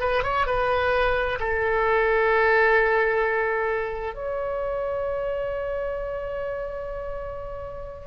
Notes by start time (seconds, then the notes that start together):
0.00 B4
0.23 C#5
0.47 B4
1.39 A4
4.14 C#5